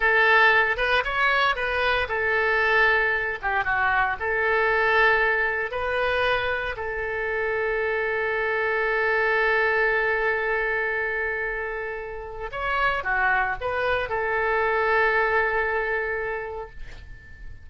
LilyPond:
\new Staff \with { instrumentName = "oboe" } { \time 4/4 \tempo 4 = 115 a'4. b'8 cis''4 b'4 | a'2~ a'8 g'8 fis'4 | a'2. b'4~ | b'4 a'2.~ |
a'1~ | a'1 | cis''4 fis'4 b'4 a'4~ | a'1 | }